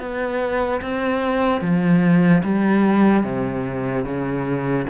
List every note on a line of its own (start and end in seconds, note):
0.00 0.81 B3
0.82 1.61 C4
1.61 2.43 F3
2.44 3.24 G3
3.24 4.05 C3
4.05 4.86 C#3